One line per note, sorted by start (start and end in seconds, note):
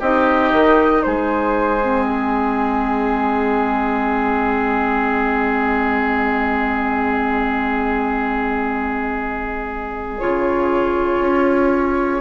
0.00 0.52 C4
0.00 1.80 D#4
0.00 1.02 G4
0.00 1.03 D#5
0.53 1.04 D#3
1.03 10.22 G#3
1.03 12.21 G#4
1.03 2.05 C5
1.82 10.20 C4
2.06 4.09 G#4
4.09 10.19 D#5
10.19 11.20 C#3
10.19 12.21 F4
10.19 12.21 C#5
11.20 12.21 C#4